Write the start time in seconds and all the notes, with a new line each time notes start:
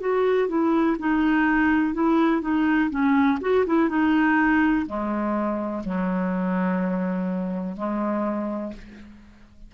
0.00 F#4
0.48 E4
0.99 D#4
1.94 E4
2.41 D#4
2.90 C#4
3.41 F#4
3.66 E4
3.89 D#4
4.87 G#3
5.84 F#3
7.76 G#3